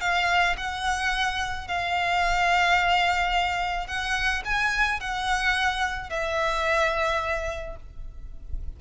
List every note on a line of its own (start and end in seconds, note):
0.00 0.56 F5
0.57 1.67 F#5
1.67 3.87 F5
3.87 4.42 F#5
4.44 4.99 G#5
4.99 6.09 F#5
6.09 7.76 E5